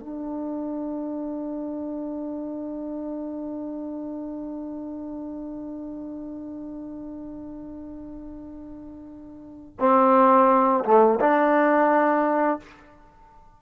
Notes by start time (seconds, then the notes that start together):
0.00 D4
9.80 C4
10.85 A3
11.20 D4